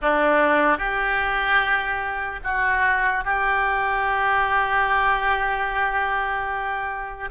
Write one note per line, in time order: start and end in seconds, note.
0.01 0.77 D4
0.77 2.40 G4
2.43 3.24 F#4
3.24 7.29 G4